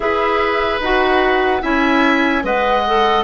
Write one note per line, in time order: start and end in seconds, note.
0.00 0.77 E4
0.00 0.81 G#4
0.00 1.61 B4
0.00 0.81 E5
0.80 1.61 D#4
0.80 1.61 F#4
0.80 1.62 F#5
1.61 2.43 C#4
1.61 2.42 E4
1.61 2.43 E5
1.61 2.43 G#5
2.42 3.23 G#3
2.42 2.83 B4
2.42 3.23 D#5
2.42 3.23 F#5
2.87 3.23 A4